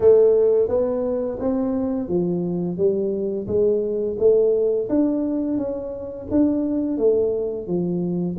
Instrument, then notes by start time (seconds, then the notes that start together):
tuba
0.00 A3
0.68 B3
1.39 C4
2.08 F3
2.77 G3
3.47 G#3
4.18 A3
4.89 D4
5.57 C#4
6.30 D4
6.97 A3
7.67 F3